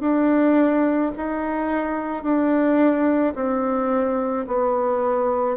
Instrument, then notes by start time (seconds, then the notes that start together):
bassoon
0.00 D4
1.17 D#4
2.23 D4
3.35 C4
4.47 B3